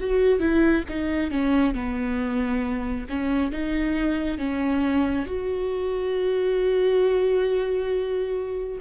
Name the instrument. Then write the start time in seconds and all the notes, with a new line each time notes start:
viola
0.00 F#4
0.40 E4
0.89 D#4
1.31 C#4
1.74 B3
3.10 C#4
3.52 D#4
4.38 C#4
5.26 F#4